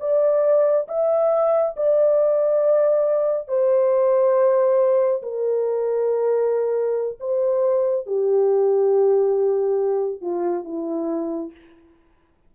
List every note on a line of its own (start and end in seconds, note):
0.00 0.87 D5
0.88 1.75 E5
1.76 3.48 D5
3.48 5.22 C5
5.23 7.18 A#4
7.20 8.06 C5
8.06 10.21 G4
10.21 10.64 F4
10.64 11.51 E4